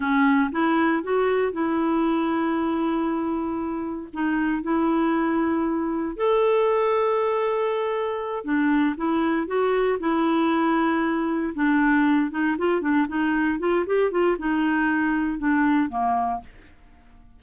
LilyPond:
\new Staff \with { instrumentName = "clarinet" } { \time 4/4 \tempo 4 = 117 cis'4 e'4 fis'4 e'4~ | e'1 | dis'4 e'2. | a'1~ |
a'8 d'4 e'4 fis'4 e'8~ | e'2~ e'8 d'4. | dis'8 f'8 d'8 dis'4 f'8 g'8 f'8 | dis'2 d'4 ais4 | }